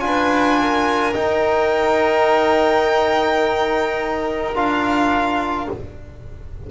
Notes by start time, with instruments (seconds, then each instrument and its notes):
0.00 double bass D4, trombone F4, violin B4 G#5
0.61 violin A#4
1.13 trombone D#4, double bass D#4, violin G5
4.55 double bass D4, trombone F4, violin F5